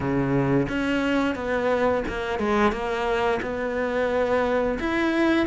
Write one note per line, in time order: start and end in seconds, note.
0.00 0.67 C#3
0.68 1.35 C#4
1.35 2.03 B3
2.08 2.39 A#3
2.39 2.71 G#3
2.71 3.40 A#3
3.42 4.78 B3
4.79 5.46 E4